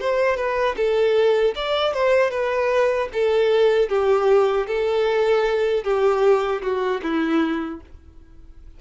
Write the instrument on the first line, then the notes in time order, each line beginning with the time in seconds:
violin
0.00 C5
0.36 B4
0.77 A4
1.55 D5
1.93 C5
2.30 B4
3.12 A4
3.89 G4
4.66 A4
5.84 G4
6.62 F#4
7.02 E4